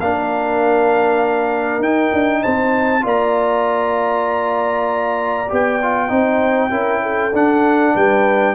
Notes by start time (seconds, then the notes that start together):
0.00 A#3 D4 A#4 F5
1.79 D#4 G5
2.13 D4
2.42 C4 C5 A5
3.01 A#3 F4 D5 A#5
5.49 B3 G4 G5
5.82 F4
6.08 C4 D#4 C5
6.70 C#4 E4 A#4
7.02 A4
7.33 D4 F#5
7.94 G3 B4 G5